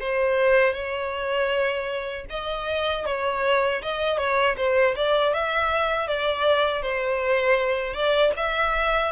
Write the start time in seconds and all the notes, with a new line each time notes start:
0.00 C5
0.73 C#5
2.30 D#5
3.06 C#5
3.82 D#5
4.17 C#5
4.57 C5
4.95 D5
5.33 E5
6.07 D5
6.82 C5
7.94 D5
8.36 E5